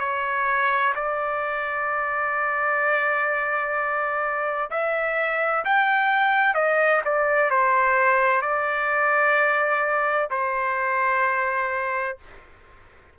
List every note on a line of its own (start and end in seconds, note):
0.00 0.94 C#5
0.95 4.70 D5
4.71 5.65 E5
5.65 6.55 G5
6.55 7.02 D#5
7.05 7.51 D5
7.51 8.42 C5
8.42 10.30 D5
10.31 12.18 C5